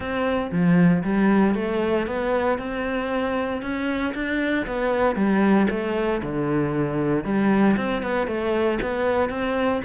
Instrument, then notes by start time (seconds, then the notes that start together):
cello
0.00 C4
0.51 F3
1.03 G3
1.54 A3
2.06 B3
2.58 C4
3.61 C#4
4.14 D4
4.66 B3
5.15 G3
5.70 A3
6.22 D3
7.24 G3
7.77 C4
8.02 B3
8.27 A3
8.81 B3
9.29 C4